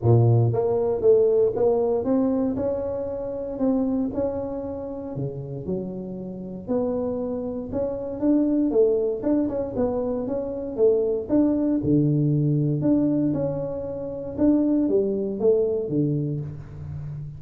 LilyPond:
\new Staff \with { instrumentName = "tuba" } { \time 4/4 \tempo 4 = 117 ais,4 ais4 a4 ais4 | c'4 cis'2 c'4 | cis'2 cis4 fis4~ | fis4 b2 cis'4 |
d'4 a4 d'8 cis'8 b4 | cis'4 a4 d'4 d4~ | d4 d'4 cis'2 | d'4 g4 a4 d4 | }